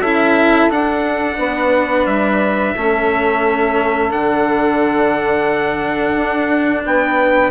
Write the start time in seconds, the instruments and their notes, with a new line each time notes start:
0.00 bassoon C#4, cello E4, saxophone A4, trumpet E5
0.71 cello D4, bassoon D4, trumpet F#5
1.38 bassoon B3, saxophone B4
2.07 bassoon G3, trumpet E5
2.75 bassoon A3, cello C#4, saxophone A4
4.11 bassoon D3, cello D4, trumpet F#5
6.16 bassoon D4
6.85 bassoon B3, saxophone B4, trumpet G5